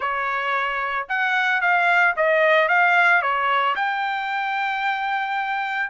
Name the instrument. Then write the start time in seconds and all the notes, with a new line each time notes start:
trumpet
0.00 C#5
1.09 F#5
1.61 F5
2.16 D#5
2.68 F5
3.21 C#5
3.75 G5